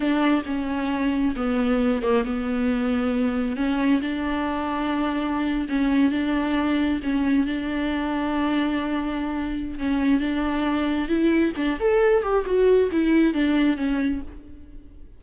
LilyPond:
\new Staff \with { instrumentName = "viola" } { \time 4/4 \tempo 4 = 135 d'4 cis'2 b4~ | b8 ais8 b2. | cis'4 d'2.~ | d'8. cis'4 d'2 cis'16~ |
cis'8. d'2.~ d'16~ | d'2 cis'4 d'4~ | d'4 e'4 d'8 a'4 g'8 | fis'4 e'4 d'4 cis'4 | }